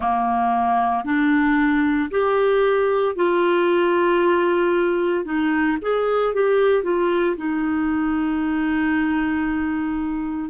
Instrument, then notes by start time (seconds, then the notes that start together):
clarinet
0.00 A#3
1.04 D4
2.11 G4
3.15 F4
5.24 D#4
5.81 G#4
6.33 G4
6.83 F4
7.36 D#4